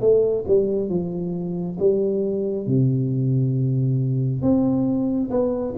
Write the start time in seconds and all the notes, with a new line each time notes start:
0.00 A3
0.47 G3
0.89 F3
1.79 G3
2.66 C3
4.42 C4
5.30 B3